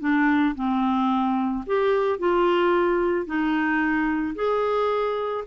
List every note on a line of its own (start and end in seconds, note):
0.00 0.55 D4
0.55 1.64 C4
1.66 2.19 G4
2.19 3.26 F4
3.26 4.35 D#4
4.35 5.44 G#4